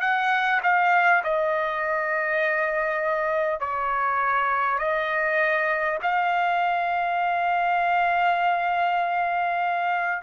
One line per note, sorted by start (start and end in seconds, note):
0.00 0.60 F#5
0.63 1.23 F5
1.23 3.60 D#5
3.60 4.78 C#5
4.78 5.98 D#5
6.02 10.22 F5